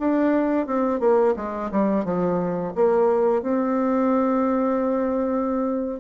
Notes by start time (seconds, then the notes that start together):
0.00 D4
0.67 C4
1.00 A#3
1.37 G#3
1.72 G3
2.05 F3
2.75 A#3
3.42 C4